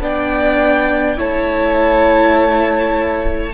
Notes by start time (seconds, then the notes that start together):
0.00 B3 D4 D5 G5
1.16 A3 E4 C#5 A5